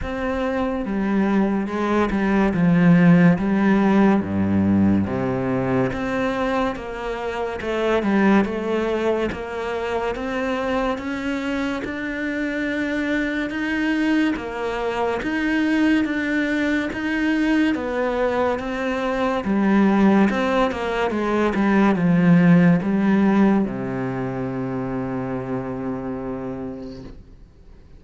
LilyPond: \new Staff \with { instrumentName = "cello" } { \time 4/4 \tempo 4 = 71 c'4 g4 gis8 g8 f4 | g4 g,4 c4 c'4 | ais4 a8 g8 a4 ais4 | c'4 cis'4 d'2 |
dis'4 ais4 dis'4 d'4 | dis'4 b4 c'4 g4 | c'8 ais8 gis8 g8 f4 g4 | c1 | }